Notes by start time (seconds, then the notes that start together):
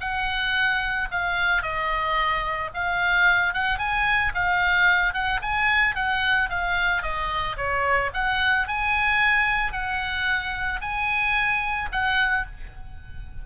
0.00 F#5
1.11 F5
1.62 D#5
2.73 F5
3.53 F#5
3.78 G#5
4.34 F5
5.13 F#5
5.42 G#5
5.95 F#5
6.49 F5
7.02 D#5
7.57 C#5
8.13 F#5
8.67 G#5
9.72 F#5
10.81 G#5
11.92 F#5